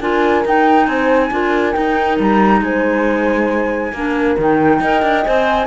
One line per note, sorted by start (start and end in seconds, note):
0.00 0.44 D4
0.00 0.45 F4
0.00 0.88 A#4
0.00 0.45 G#5
0.45 0.87 D#4
0.45 1.31 D#4
0.45 0.87 G5
0.87 1.31 C4
0.87 1.32 C5
0.87 1.73 G#5
1.31 1.75 D4
1.31 1.73 F4
1.31 2.64 A#4
1.73 3.92 D#4
1.73 2.19 D#4
1.73 2.17 G5
2.19 2.61 G3
2.19 2.63 A#5
2.61 3.92 G#3
2.61 3.94 C5
2.61 4.38 G#5
3.92 4.36 A#3
3.92 4.38 D4
3.92 4.81 A#4
4.38 4.80 D#3
4.38 4.82 D#4
4.38 5.25 G5
4.80 5.02 D#4
4.80 5.24 A#4
4.80 5.66 D#5
5.02 5.24 D4
5.24 5.66 C4
5.24 5.66 C5
5.24 5.66 G#5